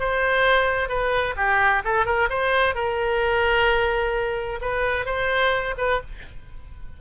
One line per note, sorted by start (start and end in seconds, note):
0.00 0.89 C5
0.89 1.36 B4
1.37 1.83 G4
1.85 2.06 A4
2.06 2.29 A#4
2.30 2.75 C5
2.75 4.60 A#4
4.62 5.06 B4
5.06 5.75 C5
5.78 6.01 B4